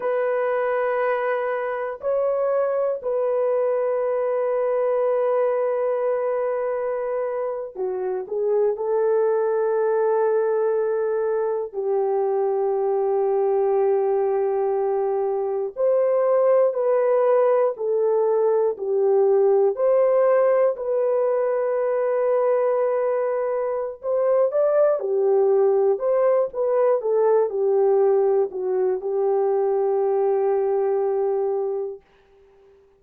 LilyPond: \new Staff \with { instrumentName = "horn" } { \time 4/4 \tempo 4 = 60 b'2 cis''4 b'4~ | b'2.~ b'8. fis'16~ | fis'16 gis'8 a'2. g'16~ | g'2.~ g'8. c''16~ |
c''8. b'4 a'4 g'4 c''16~ | c''8. b'2.~ b'16 | c''8 d''8 g'4 c''8 b'8 a'8 g'8~ | g'8 fis'8 g'2. | }